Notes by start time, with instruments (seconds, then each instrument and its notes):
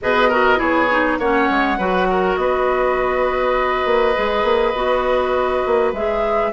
0.01 bassoon B2, clarinet G#4, oboe B4, flute D#5
0.29 clarinet F#4, oboe A#4
0.56 bassoon B3, clarinet E4, oboe G#4, flute C#5
0.90 clarinet D#4
1.18 bassoon A#3, clarinet C#4, oboe C#5, flute F#5
1.50 bassoon G#3
1.78 bassoon F#3, clarinet F#4, oboe B4
2.10 oboe A#4
2.36 bassoon B3, oboe B4, flute D#5
3.85 bassoon A#3
4.15 bassoon G#3, clarinet G#4
4.43 bassoon A#3
4.73 bassoon B3, clarinet F#4
5.66 bassoon A#3
5.92 bassoon G#3, clarinet G#4, flute E5